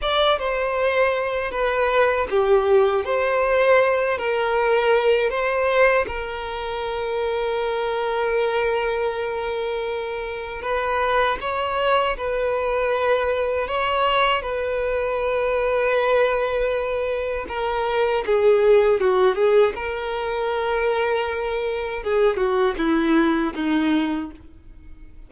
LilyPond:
\new Staff \with { instrumentName = "violin" } { \time 4/4 \tempo 4 = 79 d''8 c''4. b'4 g'4 | c''4. ais'4. c''4 | ais'1~ | ais'2 b'4 cis''4 |
b'2 cis''4 b'4~ | b'2. ais'4 | gis'4 fis'8 gis'8 ais'2~ | ais'4 gis'8 fis'8 e'4 dis'4 | }